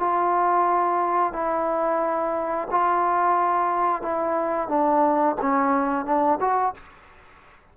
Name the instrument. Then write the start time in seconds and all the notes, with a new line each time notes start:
trombone
0.00 F4
1.33 E4
2.72 F4
4.03 E4
4.69 D4
5.42 C#4
6.06 D4
6.41 F#4